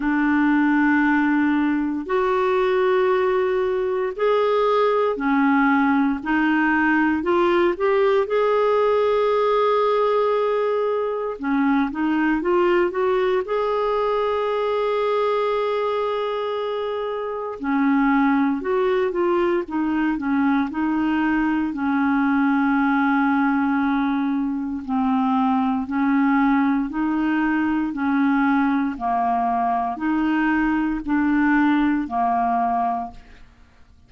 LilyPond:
\new Staff \with { instrumentName = "clarinet" } { \time 4/4 \tempo 4 = 58 d'2 fis'2 | gis'4 cis'4 dis'4 f'8 g'8 | gis'2. cis'8 dis'8 | f'8 fis'8 gis'2.~ |
gis'4 cis'4 fis'8 f'8 dis'8 cis'8 | dis'4 cis'2. | c'4 cis'4 dis'4 cis'4 | ais4 dis'4 d'4 ais4 | }